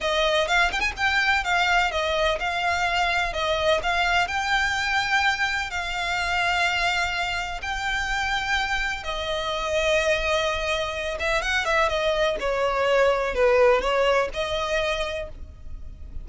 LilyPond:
\new Staff \with { instrumentName = "violin" } { \time 4/4 \tempo 4 = 126 dis''4 f''8 g''16 gis''16 g''4 f''4 | dis''4 f''2 dis''4 | f''4 g''2. | f''1 |
g''2. dis''4~ | dis''2.~ dis''8 e''8 | fis''8 e''8 dis''4 cis''2 | b'4 cis''4 dis''2 | }